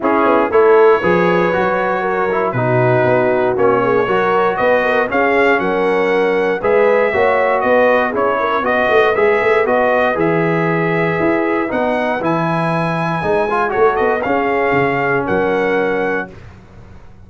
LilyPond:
<<
  \new Staff \with { instrumentName = "trumpet" } { \time 4/4 \tempo 4 = 118 gis'4 cis''2.~ | cis''4 b'2 cis''4~ | cis''4 dis''4 f''4 fis''4~ | fis''4 e''2 dis''4 |
cis''4 dis''4 e''4 dis''4 | e''2. fis''4 | gis''2. cis''8 dis''8 | f''2 fis''2 | }
  \new Staff \with { instrumentName = "horn" } { \time 4/4 e'4 a'4 b'2 | ais'4 fis'2~ fis'8 gis'8 | ais'4 b'8 ais'8 gis'4 ais'4~ | ais'4 b'4 cis''4 b'4 |
gis'8 ais'8 b'2.~ | b'1~ | b'2. a'4 | gis'2 ais'2 | }
  \new Staff \with { instrumentName = "trombone" } { \time 4/4 cis'4 e'4 gis'4 fis'4~ | fis'8 e'8 dis'2 cis'4 | fis'2 cis'2~ | cis'4 gis'4 fis'2 |
e'4 fis'4 gis'4 fis'4 | gis'2. dis'4 | e'2 dis'8 f'8 fis'4 | cis'1 | }
  \new Staff \with { instrumentName = "tuba" } { \time 4/4 cis'8 b8 a4 f4 fis4~ | fis4 b,4 b4 ais4 | fis4 b4 cis'4 fis4~ | fis4 gis4 ais4 b4 |
cis'4 b8 a8 gis8 a8 b4 | e2 e'4 b4 | e2 gis4 a8 b8 | cis'4 cis4 fis2 | }
>>